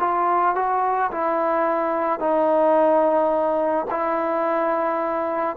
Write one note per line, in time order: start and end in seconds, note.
0.00 0.56 F4
0.56 1.11 F#4
1.12 2.20 E4
2.20 3.87 D#4
3.91 5.57 E4